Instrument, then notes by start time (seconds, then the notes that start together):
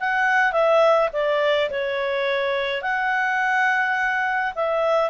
clarinet
0.00 F#5
0.52 E5
1.13 D5
1.70 C#5
2.82 F#5
4.56 E5